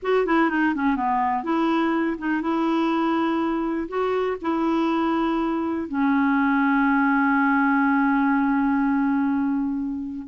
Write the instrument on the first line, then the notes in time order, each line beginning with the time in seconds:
clarinet
0.02 F#4
0.25 E4
0.50 D#4
0.75 C#4
0.95 B3
1.43 E4
2.18 D#4
2.41 E4
3.88 F#4
4.41 E4
5.88 C#4